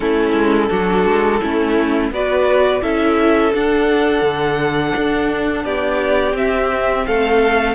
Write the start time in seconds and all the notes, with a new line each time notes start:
0.00 A3 C#4 E4 A4
0.33 G#3
0.69 F#3 D4 F#4
1.05 G#3
1.41 A3 C#4 E4
2.11 B3 F#4 B4 D5
2.81 C#4 E4 A4 E5
3.52 D4 F#5
4.22 D3
4.96 D4
5.64 B3 G4 D5
6.33 C4 E5
7.06 A3 A4 F5